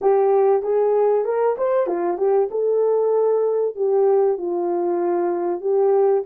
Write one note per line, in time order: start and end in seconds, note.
0.01 0.62 G4
0.62 1.24 G#4
1.24 1.56 A#4
1.57 1.86 C5
1.86 2.17 F4
2.17 2.48 G4
2.50 3.75 A4
3.75 4.38 G4
4.38 5.61 F4
5.61 6.23 G4